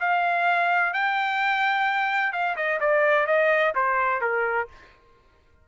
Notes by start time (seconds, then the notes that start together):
0.00 F5
0.94 G5
2.32 F5
2.57 D#5
2.80 D5
3.27 D#5
3.75 C5
4.21 A#4